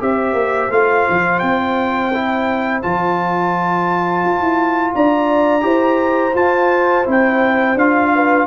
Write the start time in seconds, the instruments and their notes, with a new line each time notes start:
0.00 tuba C4, trombone G4, horn C5, trumpet E5
0.34 tuba A#3
0.71 tuba A3, trombone F4, trumpet F5
1.10 tuba F3
1.40 tuba C4, trumpet G5
2.14 trombone E4
2.82 tuba F3, trombone F4, trumpet A5
4.25 tuba F4
4.41 tuba E4
4.95 tuba D4, horn D5, trumpet A#5
5.61 tuba E4, trombone G4, horn C5
6.35 tuba F4, trombone F4, trumpet A5
7.05 tuba C4, trombone E4, trumpet G5
7.76 tuba D4, trombone F4, trumpet F5
8.15 horn B4